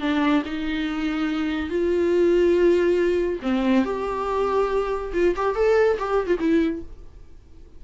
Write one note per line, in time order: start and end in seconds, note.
0.00 0.43 D4
0.45 1.69 D#4
1.69 3.39 F4
3.42 3.85 C4
3.85 5.12 G4
5.13 5.34 F4
5.36 5.55 G4
5.55 5.97 A4
5.99 6.26 G4
6.26 6.37 F4
6.39 6.82 E4